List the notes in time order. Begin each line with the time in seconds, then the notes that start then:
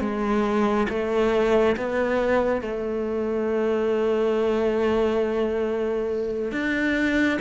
0.00 G#3
0.89 A3
1.77 B3
2.61 A3
6.52 D4